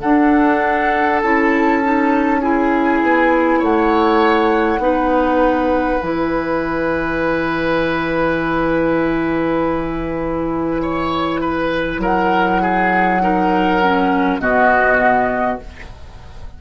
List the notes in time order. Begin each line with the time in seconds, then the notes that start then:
0.00 D4 A4 F#5
1.22 C#4 E4 A5
1.83 D#4
2.41 E4 G#4 G#5
3.02 B3
3.59 A3 C#5 F#5
4.79 B3 D#4 B4
6.02 E3 E4 G#5
10.82 C#5
11.40 B4
11.98 F#3 A#4 F#5
12.62 G#4
13.21 D#4 A#4
13.83 C#4
14.39 B2 B3 F#4 D#5